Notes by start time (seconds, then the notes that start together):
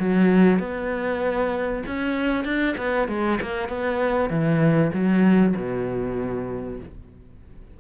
0.00 F#3
0.60 B3
1.87 C#4
2.45 D4
2.78 B3
3.09 G#3
3.42 A#3
3.69 B3
4.30 E3
4.94 F#3
5.57 B2